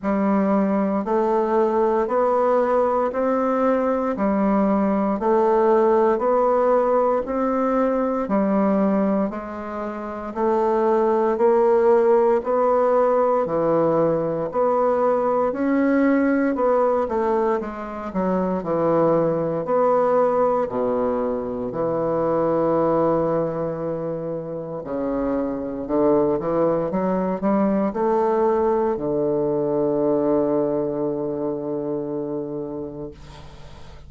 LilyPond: \new Staff \with { instrumentName = "bassoon" } { \time 4/4 \tempo 4 = 58 g4 a4 b4 c'4 | g4 a4 b4 c'4 | g4 gis4 a4 ais4 | b4 e4 b4 cis'4 |
b8 a8 gis8 fis8 e4 b4 | b,4 e2. | cis4 d8 e8 fis8 g8 a4 | d1 | }